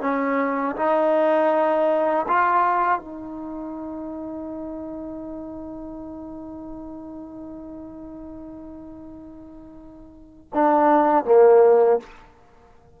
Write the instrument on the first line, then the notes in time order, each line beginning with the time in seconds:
trombone
0.00 C#4
0.76 D#4
2.28 F4
2.98 D#4
10.53 D4
11.24 A#3